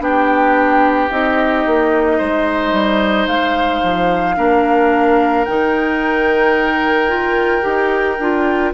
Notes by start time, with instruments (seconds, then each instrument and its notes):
0.00 bassoon B3, clarinet D4, oboe G4, flute G5
1.11 bassoon C4, clarinet D#4, flute D#5
1.66 bassoon A#3
2.18 bassoon G#3, oboe C5
2.73 bassoon G3
3.27 bassoon G#3, flute F5
3.83 bassoon F3
4.37 bassoon A#3, clarinet D4, oboe A#4
5.45 bassoon D#3, clarinet D#4, flute G5
7.09 clarinet F4
7.62 bassoon D#4, clarinet G4
8.19 bassoon D4, clarinet F4